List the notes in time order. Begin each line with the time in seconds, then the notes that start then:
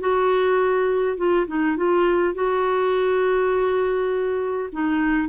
0.00 F#4
1.17 F4
1.47 D#4
1.77 F4
2.34 F#4
4.72 D#4